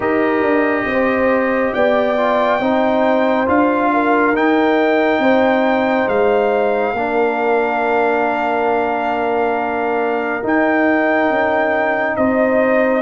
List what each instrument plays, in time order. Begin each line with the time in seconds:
0.00 tuba D#4, trombone G4, horn A#4, trumpet D#5
0.41 tuba D4
0.86 tuba C4, horn C5
1.73 tuba B3, horn D5, trumpet G5
2.16 trombone F4
2.59 tuba C4, trombone D#4, horn C5
3.46 tuba D4, trombone F4, trumpet F5
3.93 horn A#4
4.33 tuba D#4, trombone D#4, trumpet G5
5.19 tuba C4, horn C5
6.07 tuba G#3, trumpet F5
6.93 tuba A#3, trombone D4, horn A#4
10.43 trombone D#4, tuba D#4, trumpet G5
11.29 tuba C#4
12.16 tuba C4, horn C5, trumpet D#5